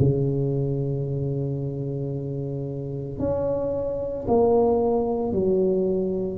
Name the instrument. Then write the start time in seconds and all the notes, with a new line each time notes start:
tuba
0.00 C#3
3.19 C#4
4.29 A#3
5.33 F#3